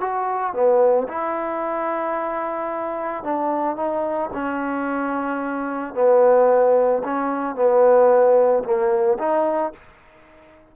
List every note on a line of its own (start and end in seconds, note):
0.00 0.53 F#4
0.53 1.07 B3
1.08 3.24 E4
3.24 3.76 D4
3.76 4.30 D#4
4.33 5.94 C#4
5.94 7.02 B3
7.04 7.55 C#4
7.55 8.63 B3
8.64 9.18 A#3
9.18 9.72 D#4